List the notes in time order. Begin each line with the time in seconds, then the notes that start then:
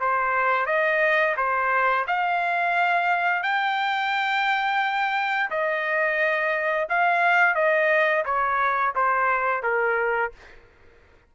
0.00 C5
0.66 D#5
1.37 C5
2.07 F5
3.43 G5
5.50 D#5
6.89 F5
7.55 D#5
8.25 C#5
8.95 C5
9.63 A#4